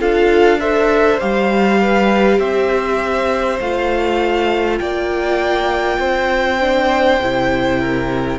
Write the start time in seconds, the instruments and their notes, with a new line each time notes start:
0.00 cello D4, viola F4, violin A4 F5
0.59 viola A4, violin C5 E5
1.20 cello G3, viola G4, violin F5
1.80 violin B4
2.38 cello C4, violin C5 E5
3.60 cello A3, viola F4, violin F5
4.78 cello A#3, violin D5 G5
5.98 cello C4, violin C5
6.60 viola D4
7.20 cello C3, viola E4
7.79 violin A#4